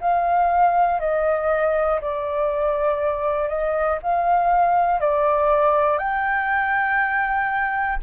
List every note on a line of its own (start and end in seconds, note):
0.00 1.00 F5
1.00 2.00 D#5
2.01 3.49 D5
3.49 3.99 D#5
4.02 5.00 F5
5.00 5.98 D5
5.98 7.98 G5